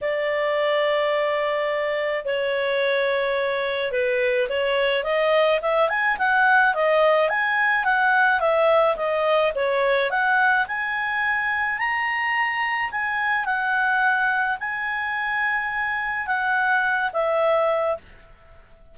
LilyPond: \new Staff \with { instrumentName = "clarinet" } { \time 4/4 \tempo 4 = 107 d''1 | cis''2. b'4 | cis''4 dis''4 e''8 gis''8 fis''4 | dis''4 gis''4 fis''4 e''4 |
dis''4 cis''4 fis''4 gis''4~ | gis''4 ais''2 gis''4 | fis''2 gis''2~ | gis''4 fis''4. e''4. | }